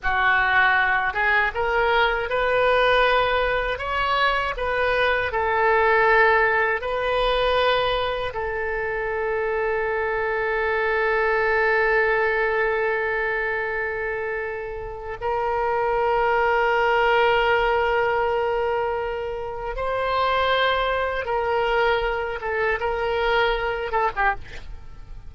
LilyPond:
\new Staff \with { instrumentName = "oboe" } { \time 4/4 \tempo 4 = 79 fis'4. gis'8 ais'4 b'4~ | b'4 cis''4 b'4 a'4~ | a'4 b'2 a'4~ | a'1~ |
a'1 | ais'1~ | ais'2 c''2 | ais'4. a'8 ais'4. a'16 g'16 | }